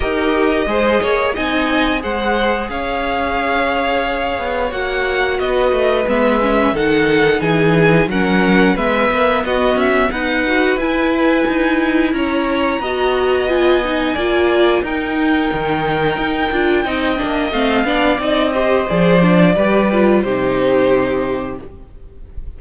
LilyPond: <<
  \new Staff \with { instrumentName = "violin" } { \time 4/4 \tempo 4 = 89 dis''2 gis''4 fis''4 | f''2. fis''4 | dis''4 e''4 fis''4 gis''4 | fis''4 e''4 dis''8 e''8 fis''4 |
gis''2 ais''2 | gis''2 g''2~ | g''2 f''4 dis''4 | d''2 c''2 | }
  \new Staff \with { instrumentName = "violin" } { \time 4/4 ais'4 c''8 cis''8 dis''4 c''4 | cis''1 | b'2 a'4 gis'4 | ais'4 b'4 fis'4 b'4~ |
b'2 cis''4 dis''4~ | dis''4 d''4 ais'2~ | ais'4 dis''4. d''4 c''8~ | c''4 b'4 g'2 | }
  \new Staff \with { instrumentName = "viola" } { \time 4/4 g'4 gis'4 dis'4 gis'4~ | gis'2. fis'4~ | fis'4 b8 cis'8 dis'2 | cis'4 b2~ b8 fis'8 |
e'2. fis'4 | f'8 dis'8 f'4 dis'2~ | dis'8 f'8 dis'8 d'8 c'8 d'8 dis'8 g'8 | gis'8 d'8 g'8 f'8 dis'2 | }
  \new Staff \with { instrumentName = "cello" } { \time 4/4 dis'4 gis8 ais8 c'4 gis4 | cis'2~ cis'8 b8 ais4 | b8 a8 gis4 dis4 e4 | fis4 gis8 ais8 b8 cis'8 dis'4 |
e'4 dis'4 cis'4 b4~ | b4 ais4 dis'4 dis4 | dis'8 d'8 c'8 ais8 a8 b8 c'4 | f4 g4 c2 | }
>>